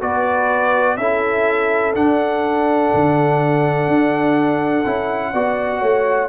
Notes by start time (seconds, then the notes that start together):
0.00 B3 F#4 B4 D5
0.97 C#4 E4 A4 E5
1.94 D4 F#5
2.94 D3
3.88 D4
4.86 C#4 E4
5.33 B3 F#4 D5
5.80 A3 C#5